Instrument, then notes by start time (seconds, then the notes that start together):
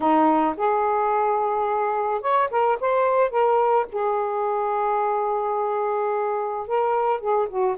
saxophone
0.00 D#4
0.56 G#4
2.21 C#5
2.50 A#4
2.80 C5
3.30 A#4
3.92 G#4
6.67 A#4
7.20 G#4
7.48 F#4